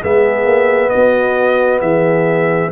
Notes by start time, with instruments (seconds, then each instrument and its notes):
0.00 tuba G#3, trombone B3, horn G#4, trumpet E5
0.45 tuba A#3
0.90 tuba B3, horn F#4, trumpet D#5
1.81 tuba E3, horn G#4, trumpet E5